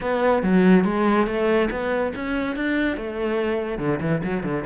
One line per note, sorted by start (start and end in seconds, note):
0.01 0.42 B3
0.42 0.84 F#3
0.84 1.26 G#3
1.27 1.69 A3
1.70 2.13 B3
2.15 2.56 C#4
2.56 2.96 D4
2.96 3.78 A3
3.78 3.99 D3
4.00 4.22 E3
4.23 4.43 F#3
4.43 4.64 D3